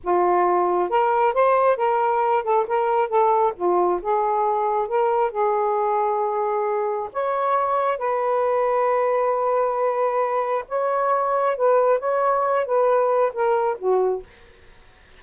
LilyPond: \new Staff \with { instrumentName = "saxophone" } { \time 4/4 \tempo 4 = 135 f'2 ais'4 c''4 | ais'4. a'8 ais'4 a'4 | f'4 gis'2 ais'4 | gis'1 |
cis''2 b'2~ | b'1 | cis''2 b'4 cis''4~ | cis''8 b'4. ais'4 fis'4 | }